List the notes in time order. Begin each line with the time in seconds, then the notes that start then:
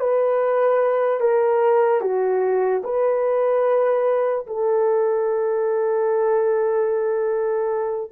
0.00 B4
1.21 A#4
2.01 F#4
2.84 B4
4.47 A4